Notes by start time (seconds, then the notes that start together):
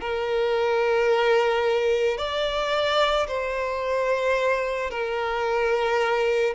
0.00 A#4
2.18 D5
3.27 C5
4.90 A#4